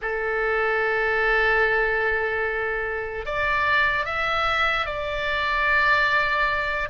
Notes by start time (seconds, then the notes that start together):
0.01 A4
3.25 D5
4.05 E5
4.86 D5